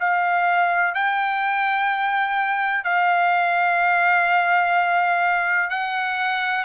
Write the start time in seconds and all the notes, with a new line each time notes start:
0.00 F5
0.94 G5
2.84 F5
5.70 F#5